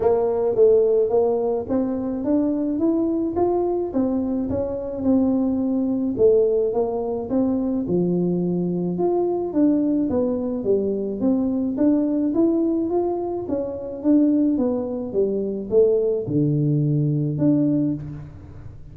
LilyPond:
\new Staff \with { instrumentName = "tuba" } { \time 4/4 \tempo 4 = 107 ais4 a4 ais4 c'4 | d'4 e'4 f'4 c'4 | cis'4 c'2 a4 | ais4 c'4 f2 |
f'4 d'4 b4 g4 | c'4 d'4 e'4 f'4 | cis'4 d'4 b4 g4 | a4 d2 d'4 | }